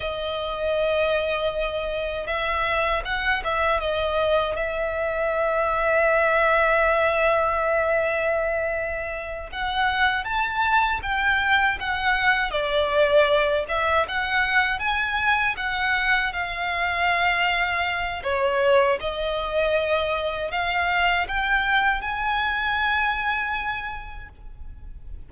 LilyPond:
\new Staff \with { instrumentName = "violin" } { \time 4/4 \tempo 4 = 79 dis''2. e''4 | fis''8 e''8 dis''4 e''2~ | e''1~ | e''8 fis''4 a''4 g''4 fis''8~ |
fis''8 d''4. e''8 fis''4 gis''8~ | gis''8 fis''4 f''2~ f''8 | cis''4 dis''2 f''4 | g''4 gis''2. | }